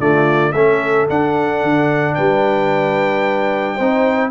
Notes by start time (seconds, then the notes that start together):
0.00 D3 A3 F4 D5
0.53 A3 C#4 A4 E5
1.09 D4 F#5
1.63 D3
2.15 G3 B4 G5
3.76 C4 D#4 C5